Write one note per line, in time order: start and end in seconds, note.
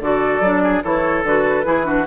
0.00 0.40 D3
0.00 0.44 F#4
0.00 0.62 A4
0.00 0.83 D5
0.40 0.81 F#3
0.40 0.83 D4
0.62 0.83 G#4
0.83 1.23 E3
0.83 1.24 E4
0.83 1.66 A4
0.83 1.24 C#5
1.23 1.64 D3
1.23 1.64 F#4
1.23 2.07 B4
1.64 2.07 E3
1.64 1.84 E4
1.64 1.86 G#4
1.84 2.05 D4
1.84 2.06 F#4